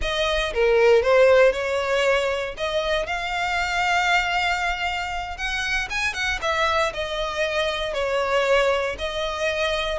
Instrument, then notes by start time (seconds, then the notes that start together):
violin
0.01 D#5
0.53 A#4
1.02 C5
1.52 C#5
2.57 D#5
3.06 F5
5.37 F#5
5.90 G#5
6.13 F#5
6.41 E5
6.93 D#5
7.93 C#5
8.98 D#5